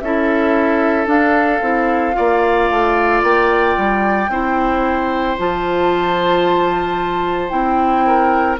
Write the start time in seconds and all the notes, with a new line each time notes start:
0.00 C#4 E4 A4 E5
1.07 D4 F5
1.62 C4 E4
2.13 A#3 F4 D5
2.71 A3
3.23 A#3 G5
3.78 G3
4.29 C4 E4 C5
5.39 F3 F4 A5
7.50 C4 E4 G5
8.07 A#4